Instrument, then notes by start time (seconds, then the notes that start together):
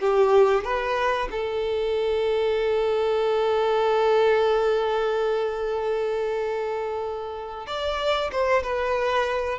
violin
0.00 G4
0.64 B4
1.31 A4
7.66 D5
8.32 C5
8.63 B4